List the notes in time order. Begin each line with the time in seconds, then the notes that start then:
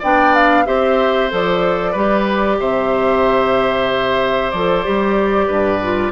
0.00 B3 D4 D5 G5
0.35 F5
0.66 C4 G4 C5 E5
1.30 F3 A4 D5
1.92 G3 G4 B4
2.60 C3 C5 E5
4.51 F3 A4 D5
4.85 G3 G4
5.48 G2 B4
5.83 F4